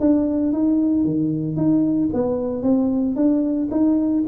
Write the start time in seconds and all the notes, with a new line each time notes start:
0.00 D4
0.52 D#4
1.05 D#3
1.56 D#4
2.13 B3
2.62 C4
3.15 D4
3.71 D#4